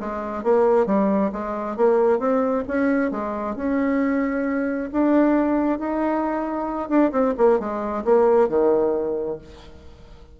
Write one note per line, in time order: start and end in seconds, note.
0.00 0.44 G#3
0.44 0.86 A#3
0.86 1.31 G3
1.32 1.77 G#3
1.77 2.19 A#3
2.19 2.64 C4
2.68 3.11 C#4
3.11 3.56 G#3
3.56 4.90 C#4
4.92 5.79 D4
5.79 6.89 D#4
6.89 7.12 D4
7.12 7.35 C4
7.38 7.60 A#3
7.60 8.05 G#3
8.05 8.49 A#3
8.49 9.38 D#3